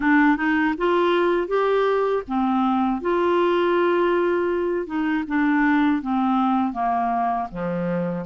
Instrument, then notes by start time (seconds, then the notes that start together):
clarinet
0.00 D4
0.36 D#4
0.77 F4
1.47 G4
2.27 C4
3.01 F4
4.86 D#4
5.27 D4
6.02 C4
6.73 A#3
7.51 F3